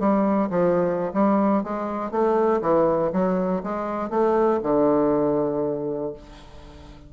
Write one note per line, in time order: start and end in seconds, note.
0.00 0.50 G3
0.50 1.12 F3
1.14 1.64 G3
1.64 2.11 G#3
2.11 2.61 A3
2.62 3.12 E3
3.13 3.63 F#3
3.63 4.10 G#3
4.10 4.60 A3
4.63 6.13 D3